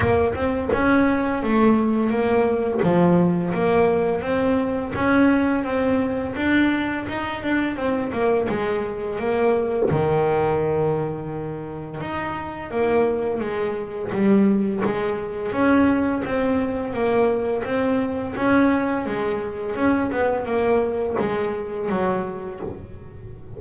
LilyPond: \new Staff \with { instrumentName = "double bass" } { \time 4/4 \tempo 4 = 85 ais8 c'8 cis'4 a4 ais4 | f4 ais4 c'4 cis'4 | c'4 d'4 dis'8 d'8 c'8 ais8 | gis4 ais4 dis2~ |
dis4 dis'4 ais4 gis4 | g4 gis4 cis'4 c'4 | ais4 c'4 cis'4 gis4 | cis'8 b8 ais4 gis4 fis4 | }